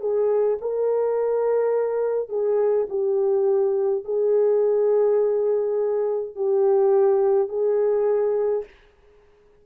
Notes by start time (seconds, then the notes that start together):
0.00 G#4
0.61 A#4
2.29 G#4
2.89 G4
4.04 G#4
6.35 G4
7.48 G#4